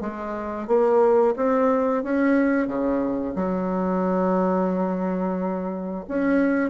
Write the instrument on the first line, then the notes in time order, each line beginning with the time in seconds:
bassoon
0.00 G#3
0.67 A#3
1.36 C4
2.03 C#4
2.67 C#3
3.35 F#3
6.08 C#4